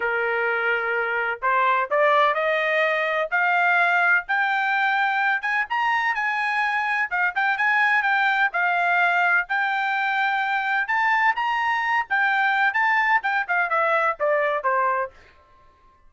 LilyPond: \new Staff \with { instrumentName = "trumpet" } { \time 4/4 \tempo 4 = 127 ais'2. c''4 | d''4 dis''2 f''4~ | f''4 g''2~ g''8 gis''8 | ais''4 gis''2 f''8 g''8 |
gis''4 g''4 f''2 | g''2. a''4 | ais''4. g''4. a''4 | g''8 f''8 e''4 d''4 c''4 | }